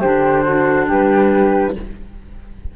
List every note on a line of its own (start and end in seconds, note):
0.00 0.90 D3
0.00 1.75 D4
0.00 0.43 G4
0.00 0.86 C5
0.43 0.86 F#4
0.87 1.76 G3
0.87 1.73 G4
0.87 1.76 B4